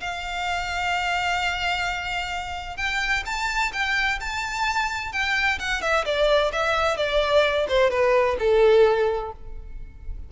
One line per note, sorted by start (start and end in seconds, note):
0.00 2.77 F5
2.77 3.23 G5
3.25 3.72 A5
3.72 4.19 G5
4.20 5.12 A5
5.12 5.58 G5
5.59 5.81 F#5
5.81 6.04 E5
6.05 6.51 D5
6.52 6.97 E5
6.97 7.66 D5
7.68 7.90 C5
7.90 8.37 B4
8.39 9.32 A4